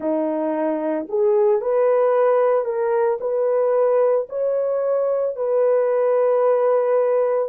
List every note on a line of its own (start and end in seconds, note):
0.00 1.07 D#4
1.08 1.61 G#4
1.61 2.64 B4
2.64 3.18 A#4
3.20 4.27 B4
4.29 5.36 C#5
5.36 7.48 B4